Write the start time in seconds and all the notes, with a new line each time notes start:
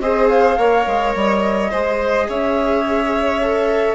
0.00 C4 G#4 C5 D#5
0.29 F5
0.57 A#3 A#4 C#5
0.87 G#3
1.16 G3 D#5
1.71 G#3 G#4 C5
2.29 C#4 C#5 E5
3.43 A4